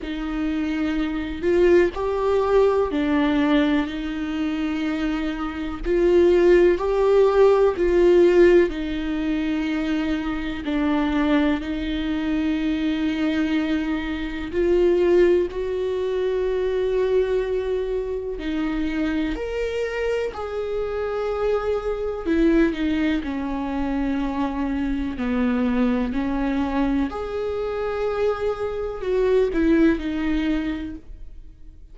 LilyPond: \new Staff \with { instrumentName = "viola" } { \time 4/4 \tempo 4 = 62 dis'4. f'8 g'4 d'4 | dis'2 f'4 g'4 | f'4 dis'2 d'4 | dis'2. f'4 |
fis'2. dis'4 | ais'4 gis'2 e'8 dis'8 | cis'2 b4 cis'4 | gis'2 fis'8 e'8 dis'4 | }